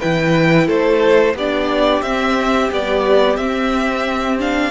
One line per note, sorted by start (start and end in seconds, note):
0.00 0.68 E3
0.00 1.35 E4
0.00 0.67 B4
0.00 0.68 G5
0.67 1.34 A3
0.67 1.35 A4
0.67 1.36 C5
1.34 2.01 B3
1.34 2.04 D4
1.34 4.71 G4
1.34 2.02 D5
2.02 2.69 C4
2.02 2.70 C4
2.02 2.69 E5
2.70 3.37 G3
2.70 3.37 B3
2.70 3.36 D5
3.36 4.71 C4
3.36 4.39 C4
3.36 4.37 E5
4.39 4.71 D4
4.39 4.71 F5